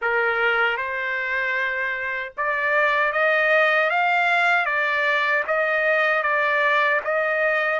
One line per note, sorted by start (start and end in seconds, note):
0.01 0.77 A#4
0.77 2.32 C5
2.37 3.12 D5
3.12 3.90 D#5
3.90 4.65 F5
4.65 5.43 D5
5.47 6.22 D#5
6.22 7.00 D5
7.04 7.79 D#5